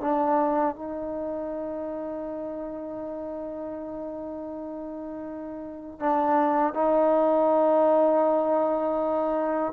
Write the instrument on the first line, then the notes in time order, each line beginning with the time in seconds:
trombone
0.00 D4
0.75 D#4
5.99 D4
6.73 D#4